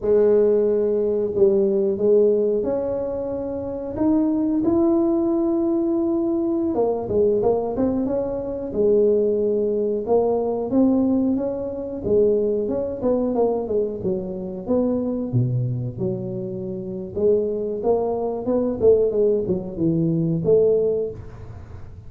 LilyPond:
\new Staff \with { instrumentName = "tuba" } { \time 4/4 \tempo 4 = 91 gis2 g4 gis4 | cis'2 dis'4 e'4~ | e'2~ e'16 ais8 gis8 ais8 c'16~ | c'16 cis'4 gis2 ais8.~ |
ais16 c'4 cis'4 gis4 cis'8 b16~ | b16 ais8 gis8 fis4 b4 b,8.~ | b,16 fis4.~ fis16 gis4 ais4 | b8 a8 gis8 fis8 e4 a4 | }